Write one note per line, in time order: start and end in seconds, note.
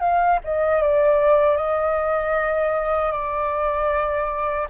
0.00 0.39 F5
0.44 0.82 D#5
0.82 1.57 D5
1.57 3.12 D#5
3.12 4.68 D5